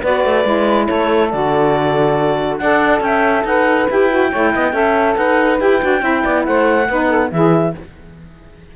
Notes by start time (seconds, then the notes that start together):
0.00 B3 F#4 B4 D5
0.24 A3
0.43 G#3 E4
0.87 A3 A4 C#5
1.31 D3 F#4 D5
2.57 D4 A4 D5 F#5
3.00 C#4 E5 G5
3.44 D#4 B4 F#5
3.89 E4 G4 G5
4.09 F#4
4.29 A3 E4 C#5
4.54 B3 D#5
4.72 C#4 A4 E5
5.16 D#4 B4 F#5
5.59 E4 G4 G5
5.80 D4 F#4
6.00 C4 E4 E5
6.23 B3 D5
6.45 A3 C5 F#5
6.88 B3 D#4 B4
7.08 A4
7.31 E3 E4 G#4 E5